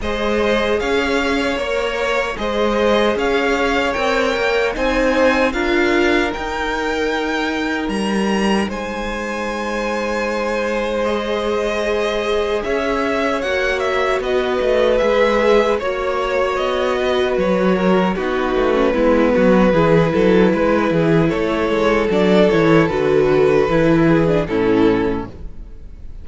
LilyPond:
<<
  \new Staff \with { instrumentName = "violin" } { \time 4/4 \tempo 4 = 76 dis''4 f''4 cis''4 dis''4 | f''4 g''4 gis''4 f''4 | g''2 ais''4 gis''4~ | gis''2 dis''2 |
e''4 fis''8 e''8 dis''4 e''4 | cis''4 dis''4 cis''4 b'4~ | b'2. cis''4 | d''8 cis''8 b'2 a'4 | }
  \new Staff \with { instrumentName = "violin" } { \time 4/4 c''4 cis''2 c''4 | cis''2 c''4 ais'4~ | ais'2. c''4~ | c''1 |
cis''2 b'2 | cis''4. b'4 ais'8 fis'4 | e'8 fis'8 gis'8 a'8 b'8 gis'8 a'4~ | a'2~ a'8 gis'8 e'4 | }
  \new Staff \with { instrumentName = "viola" } { \time 4/4 gis'2 ais'4 gis'4~ | gis'4 ais'4 dis'4 f'4 | dis'1~ | dis'2 gis'2~ |
gis'4 fis'2 gis'4 | fis'2. dis'8. cis'16 | b4 e'2. | d'8 e'8 fis'4 e'8. d'16 cis'4 | }
  \new Staff \with { instrumentName = "cello" } { \time 4/4 gis4 cis'4 ais4 gis4 | cis'4 c'8 ais8 c'4 d'4 | dis'2 g4 gis4~ | gis1 |
cis'4 ais4 b8 a8 gis4 | ais4 b4 fis4 b8 a8 | gis8 fis8 e8 fis8 gis8 e8 a8 gis8 | fis8 e8 d4 e4 a,4 | }
>>